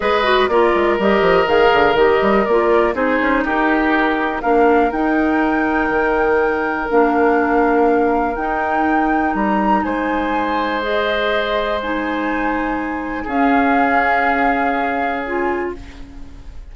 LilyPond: <<
  \new Staff \with { instrumentName = "flute" } { \time 4/4 \tempo 4 = 122 dis''4 d''4 dis''4 f''4 | dis''4 d''4 c''4 ais'4~ | ais'4 f''4 g''2~ | g''2 f''2~ |
f''4 g''2 ais''4 | gis''2 dis''2 | gis''2. f''4~ | f''2. gis''4 | }
  \new Staff \with { instrumentName = "oboe" } { \time 4/4 b'4 ais'2.~ | ais'2 gis'4 g'4~ | g'4 ais'2.~ | ais'1~ |
ais'1 | c''1~ | c''2. gis'4~ | gis'1 | }
  \new Staff \with { instrumentName = "clarinet" } { \time 4/4 gis'8 fis'8 f'4 g'4 gis'4 | g'4 f'4 dis'2~ | dis'4 d'4 dis'2~ | dis'2 d'2~ |
d'4 dis'2.~ | dis'2 gis'2 | dis'2. cis'4~ | cis'2. f'4 | }
  \new Staff \with { instrumentName = "bassoon" } { \time 4/4 gis4 ais8 gis8 g8 f8 dis8 d8 | dis8 g8 ais4 c'8 cis'8 dis'4~ | dis'4 ais4 dis'2 | dis2 ais2~ |
ais4 dis'2 g4 | gis1~ | gis2. cis'4~ | cis'1 | }
>>